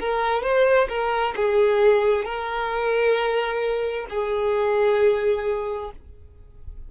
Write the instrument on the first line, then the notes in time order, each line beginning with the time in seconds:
violin
0.00 A#4
0.43 C5
0.89 A#4
1.36 G#4
2.24 A#4
4.10 G#4